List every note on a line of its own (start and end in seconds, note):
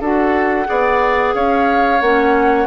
0.00 0.67 D4
0.00 0.66 F#4
0.00 0.67 A4
0.00 1.35 F#5
0.66 1.34 B3
0.66 1.99 G#4
0.66 1.35 D5
1.34 2.01 C#4
1.34 2.67 C#5
1.34 2.01 F5
2.01 2.67 A#3
2.01 2.67 C#4
2.01 2.67 F#5